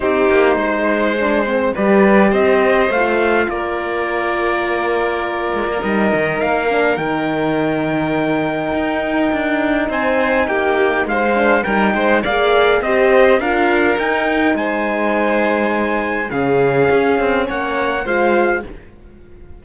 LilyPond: <<
  \new Staff \with { instrumentName = "trumpet" } { \time 4/4 \tempo 4 = 103 c''2. d''4 | dis''4 f''4 d''2~ | d''2 dis''4 f''4 | g''1~ |
g''4 gis''4 g''4 f''4 | g''4 f''4 dis''4 f''4 | g''4 gis''2. | f''2 fis''4 f''4 | }
  \new Staff \with { instrumentName = "violin" } { \time 4/4 g'4 c''2 b'4 | c''2 ais'2~ | ais'1~ | ais'1~ |
ais'4 c''4 g'4 c''4 | ais'8 c''8 d''4 c''4 ais'4~ | ais'4 c''2. | gis'2 cis''4 c''4 | }
  \new Staff \with { instrumentName = "horn" } { \time 4/4 dis'2 d'8 c'8 g'4~ | g'4 f'2.~ | f'2 dis'4. d'8 | dis'1~ |
dis'2.~ dis'8 d'8 | dis'4 gis'4 g'4 f'4 | dis'1 | cis'2. f'4 | }
  \new Staff \with { instrumentName = "cello" } { \time 4/4 c'8 ais8 gis2 g4 | c'4 a4 ais2~ | ais4. gis16 ais16 g8 dis8 ais4 | dis2. dis'4 |
d'4 c'4 ais4 gis4 | g8 gis8 ais4 c'4 d'4 | dis'4 gis2. | cis4 cis'8 c'8 ais4 gis4 | }
>>